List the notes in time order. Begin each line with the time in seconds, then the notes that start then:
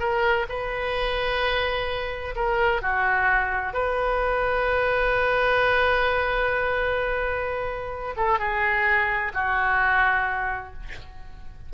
0.00 A#4
0.49 B4
2.36 A#4
2.82 F#4
3.74 B4
8.17 A4
8.39 G#4
9.34 F#4